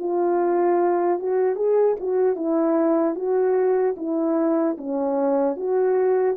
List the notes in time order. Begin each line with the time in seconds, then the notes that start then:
0.00 F4
1.20 F#4
1.56 G#4
2.00 F#4
2.36 E4
3.16 F#4
3.97 E4
4.78 C#4
5.57 F#4